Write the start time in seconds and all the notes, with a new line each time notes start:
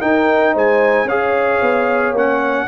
0.00 D#4 A#4 G5
0.53 G#3 C5 G#5
1.05 C#4 G#4 C#5 F5
1.61 B3
2.12 A#3 C#4 F#5